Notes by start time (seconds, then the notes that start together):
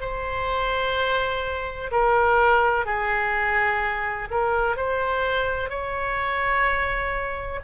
0.00 C5
1.91 A#4
2.85 G#4
4.30 A#4
4.76 C5
5.69 C#5